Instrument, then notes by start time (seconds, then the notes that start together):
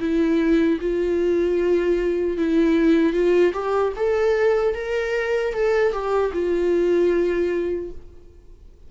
viola
0.00 E4
0.81 F4
2.38 E4
3.13 F4
3.53 G4
3.97 A4
4.74 A#4
5.53 A4
5.92 G4
6.33 F4